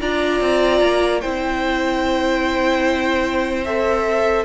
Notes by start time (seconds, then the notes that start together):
0.00 D4 F4 D5 A#5
0.41 C4
0.81 A#3
1.20 C4 E4 C5 G5
3.64 A4 E5